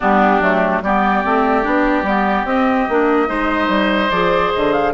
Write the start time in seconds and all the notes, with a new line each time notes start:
0.00 G3 B3 D4 G4
0.40 F#3 A3
0.82 G3 B3 G4 D5
1.24 A3 C4
1.62 B3 D4
2.02 G3 B3
2.44 C4 D#5
2.89 A#3 D4
3.26 G#3 D#4 C5
3.68 G3
4.10 F3 G#4 D5
4.53 D3 D#5
4.72 F5